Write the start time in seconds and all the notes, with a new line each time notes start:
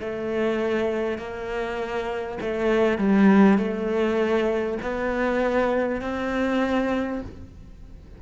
0.00 A3
1.18 A#3
2.42 A3
2.98 G3
3.58 A3
4.82 B3
6.02 C4